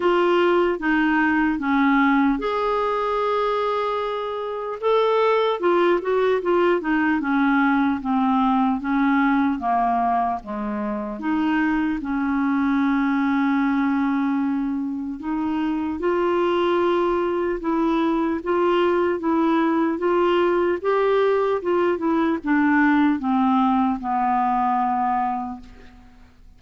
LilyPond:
\new Staff \with { instrumentName = "clarinet" } { \time 4/4 \tempo 4 = 75 f'4 dis'4 cis'4 gis'4~ | gis'2 a'4 f'8 fis'8 | f'8 dis'8 cis'4 c'4 cis'4 | ais4 gis4 dis'4 cis'4~ |
cis'2. dis'4 | f'2 e'4 f'4 | e'4 f'4 g'4 f'8 e'8 | d'4 c'4 b2 | }